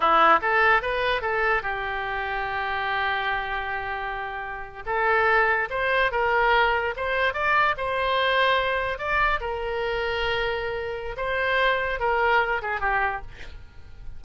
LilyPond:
\new Staff \with { instrumentName = "oboe" } { \time 4/4 \tempo 4 = 145 e'4 a'4 b'4 a'4 | g'1~ | g'2.~ g'8. a'16~ | a'4.~ a'16 c''4 ais'4~ ais'16~ |
ais'8. c''4 d''4 c''4~ c''16~ | c''4.~ c''16 d''4 ais'4~ ais'16~ | ais'2. c''4~ | c''4 ais'4. gis'8 g'4 | }